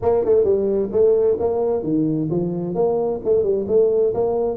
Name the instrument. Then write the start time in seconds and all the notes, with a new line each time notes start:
tuba
0.02 A#3
0.24 A3
0.44 G3
0.92 A3
1.39 A#3
1.83 D#3
2.30 F3
2.74 A#3
3.24 A3
3.43 G3
3.67 A3
4.13 A#3